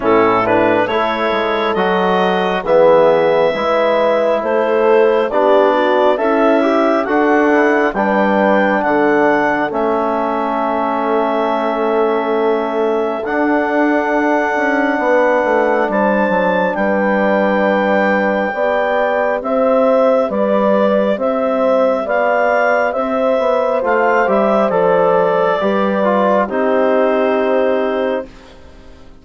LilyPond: <<
  \new Staff \with { instrumentName = "clarinet" } { \time 4/4 \tempo 4 = 68 a'8 b'8 cis''4 dis''4 e''4~ | e''4 c''4 d''4 e''4 | fis''4 g''4 fis''4 e''4~ | e''2. fis''4~ |
fis''2 a''4 g''4~ | g''2 e''4 d''4 | e''4 f''4 e''4 f''8 e''8 | d''2 c''2 | }
  \new Staff \with { instrumentName = "horn" } { \time 4/4 e'4 a'2 gis'4 | b'4 a'4 g'8 fis'8 e'4 | a'4 b'4 a'2~ | a'1~ |
a'4 b'4 c''4 b'4~ | b'4 d''4 c''4 b'4 | c''4 d''4 c''2~ | c''4 b'4 g'2 | }
  \new Staff \with { instrumentName = "trombone" } { \time 4/4 cis'8 d'8 e'4 fis'4 b4 | e'2 d'4 a'8 g'8 | fis'8 e'8 d'2 cis'4~ | cis'2. d'4~ |
d'1~ | d'4 g'2.~ | g'2. f'8 g'8 | a'4 g'8 f'8 dis'2 | }
  \new Staff \with { instrumentName = "bassoon" } { \time 4/4 a,4 a8 gis8 fis4 e4 | gis4 a4 b4 cis'4 | d'4 g4 d4 a4~ | a2. d'4~ |
d'8 cis'8 b8 a8 g8 fis8 g4~ | g4 b4 c'4 g4 | c'4 b4 c'8 b8 a8 g8 | f4 g4 c'2 | }
>>